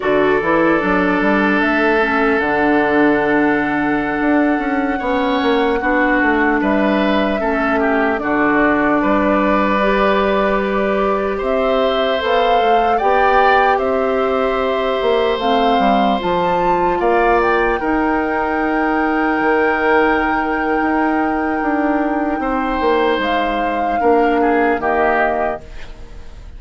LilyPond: <<
  \new Staff \with { instrumentName = "flute" } { \time 4/4 \tempo 4 = 75 d''2 e''4 fis''4~ | fis''1~ | fis''16 e''2 d''4.~ d''16~ | d''2~ d''16 e''4 f''8.~ |
f''16 g''4 e''2 f''8.~ | f''16 a''4 f''8 g''2~ g''16~ | g''1~ | g''4 f''2 dis''4 | }
  \new Staff \with { instrumentName = "oboe" } { \time 4/4 a'1~ | a'2~ a'16 cis''4 fis'8.~ | fis'16 b'4 a'8 g'8 fis'4 b'8.~ | b'2~ b'16 c''4.~ c''16~ |
c''16 d''4 c''2~ c''8.~ | c''4~ c''16 d''4 ais'4.~ ais'16~ | ais'1 | c''2 ais'8 gis'8 g'4 | }
  \new Staff \with { instrumentName = "clarinet" } { \time 4/4 fis'8 e'8 d'4. cis'8 d'4~ | d'2~ d'16 cis'4 d'8.~ | d'4~ d'16 cis'4 d'4.~ d'16~ | d'16 g'2. a'8.~ |
a'16 g'2. c'8.~ | c'16 f'2 dis'4.~ dis'16~ | dis'1~ | dis'2 d'4 ais4 | }
  \new Staff \with { instrumentName = "bassoon" } { \time 4/4 d8 e8 fis8 g8 a4 d4~ | d4~ d16 d'8 cis'8 b8 ais8 b8 a16~ | a16 g4 a4 d4 g8.~ | g2~ g16 c'4 b8 a16~ |
a16 b4 c'4. ais8 a8 g16~ | g16 f4 ais4 dis'4.~ dis'16~ | dis'16 dis4.~ dis16 dis'4 d'4 | c'8 ais8 gis4 ais4 dis4 | }
>>